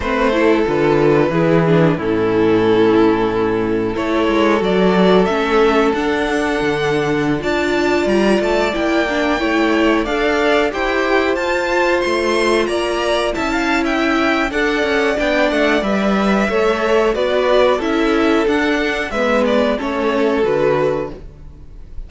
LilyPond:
<<
  \new Staff \with { instrumentName = "violin" } { \time 4/4 \tempo 4 = 91 c''4 b'2 a'4~ | a'2 cis''4 d''4 | e''4 fis''2~ fis''16 a''8.~ | a''16 ais''8 a''8 g''2 f''8.~ |
f''16 g''4 a''4 c'''4 ais''8.~ | ais''16 a''8. g''4 fis''4 g''8 fis''8 | e''2 d''4 e''4 | fis''4 e''8 d''8 cis''4 b'4 | }
  \new Staff \with { instrumentName = "violin" } { \time 4/4 b'8 a'4. gis'4 e'4~ | e'2 a'2~ | a'2.~ a'16 d''8.~ | d''2~ d''16 cis''4 d''8.~ |
d''16 c''2. d''8.~ | d''16 e''16 f''8 e''4 d''2~ | d''4 cis''4 b'4 a'4~ | a'4 b'4 a'2 | }
  \new Staff \with { instrumentName = "viola" } { \time 4/4 c'8 e'8 f'4 e'8 d'8 cis'4~ | cis'2 e'4 fis'4 | cis'4 d'2~ d'16 f'8.~ | f'4~ f'16 e'8 d'8 e'4 a'8.~ |
a'16 g'4 f'2~ f'8.~ | f'16 e'4.~ e'16 a'4 d'4 | b'4 a'4 fis'4 e'4 | d'4 b4 cis'4 fis'4 | }
  \new Staff \with { instrumentName = "cello" } { \time 4/4 a4 d4 e4 a,4~ | a,2 a8 gis8 fis4 | a4 d'4 d4~ d16 d'8.~ | d'16 g8 a8 ais4 a4 d'8.~ |
d'16 e'4 f'4 a4 ais8.~ | ais16 cis'4.~ cis'16 d'8 cis'8 b8 a8 | g4 a4 b4 cis'4 | d'4 gis4 a4 d4 | }
>>